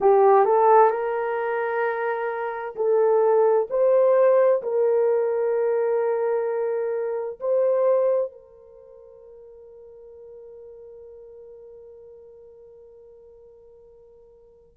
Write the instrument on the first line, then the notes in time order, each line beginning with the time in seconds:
horn
0.00 G4
0.45 A4
0.90 A#4
2.75 A4
3.69 C5
4.62 A#4
7.40 C5
8.31 A#4